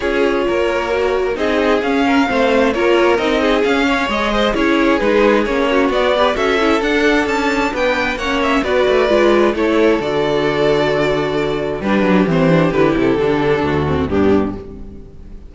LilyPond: <<
  \new Staff \with { instrumentName = "violin" } { \time 4/4 \tempo 4 = 132 cis''2. dis''4 | f''2 cis''4 dis''4 | f''4 dis''4 cis''4 b'4 | cis''4 d''4 e''4 fis''4 |
a''4 g''4 fis''8 e''8 d''4~ | d''4 cis''4 d''2~ | d''2 b'4 c''4 | b'8 a'2~ a'8 g'4 | }
  \new Staff \with { instrumentName = "violin" } { \time 4/4 gis'4 ais'2 gis'4~ | gis'8 ais'8 c''4 ais'4. gis'8~ | gis'8 cis''4 c''8 gis'2~ | gis'8 fis'4 b'8 a'2~ |
a'4 b'4 cis''4 b'4~ | b'4 a'2.~ | a'2 g'2~ | g'2 fis'4 d'4 | }
  \new Staff \with { instrumentName = "viola" } { \time 4/4 f'2 fis'4 dis'4 | cis'4 c'4 f'4 dis'4 | cis'4 gis'4 e'4 dis'4 | cis'4 b8 g'8 fis'8 e'8 d'4~ |
d'2 cis'4 fis'4 | f'4 e'4 fis'2~ | fis'2 d'4 c'8 d'8 | e'4 d'4. c'8 b4 | }
  \new Staff \with { instrumentName = "cello" } { \time 4/4 cis'4 ais2 c'4 | cis'4 a4 ais4 c'4 | cis'4 gis4 cis'4 gis4 | ais4 b4 cis'4 d'4 |
cis'4 b4 ais4 b8 a8 | gis4 a4 d2~ | d2 g8 fis8 e4 | d8 c8 d4 d,4 g,4 | }
>>